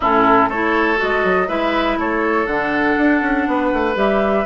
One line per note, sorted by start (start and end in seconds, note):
0.00 0.48 A2
0.00 0.51 C#4
0.00 0.49 E4
0.00 0.49 A4
0.48 0.97 A3
0.48 0.96 E4
0.48 1.48 A4
0.48 0.99 C#5
0.96 1.24 G#3
0.96 1.46 F#4
0.96 1.48 D#5
1.24 1.48 F#3
1.48 1.97 G#3
1.48 2.47 E4
1.48 1.97 B4
1.48 1.98 E5
1.97 2.46 A3
1.97 3.48 A4
1.97 2.46 C#5
2.46 2.96 D3
2.46 3.94 D4
2.46 3.95 F#5
2.97 3.21 D4
3.21 3.46 C#4
3.47 3.72 B3
3.47 4.45 B4
3.72 3.95 A3
3.94 4.45 G3
3.94 4.43 G4
3.94 4.45 E5